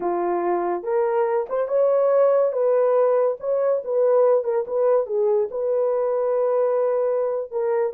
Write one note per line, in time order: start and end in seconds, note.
0.00 0.83 F4
0.83 1.46 A#4
1.49 1.68 C5
1.68 2.52 C#5
2.52 3.37 B4
3.40 3.82 C#5
3.84 4.44 B4
4.44 4.65 A#4
4.67 5.06 B4
5.06 5.48 G#4
5.50 7.51 B4
7.51 7.93 A#4